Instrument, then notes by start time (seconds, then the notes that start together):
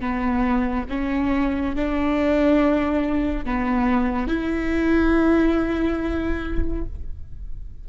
viola
0.00 B3
0.89 C#4
1.75 D4
3.45 B3
4.27 E4